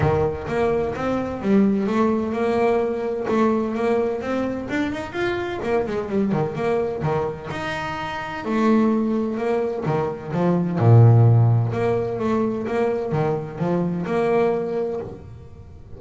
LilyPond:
\new Staff \with { instrumentName = "double bass" } { \time 4/4 \tempo 4 = 128 dis4 ais4 c'4 g4 | a4 ais2 a4 | ais4 c'4 d'8 dis'8 f'4 | ais8 gis8 g8 dis8 ais4 dis4 |
dis'2 a2 | ais4 dis4 f4 ais,4~ | ais,4 ais4 a4 ais4 | dis4 f4 ais2 | }